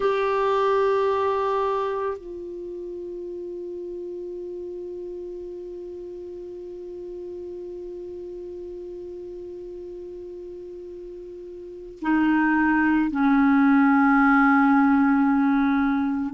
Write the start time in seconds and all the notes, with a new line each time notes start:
0.00 G4
2.17 F4
12.01 D#4
13.11 C#4